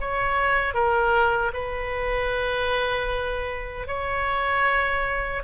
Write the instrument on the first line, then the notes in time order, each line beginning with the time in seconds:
oboe
0.00 C#5
0.74 A#4
1.53 B4
3.87 C#5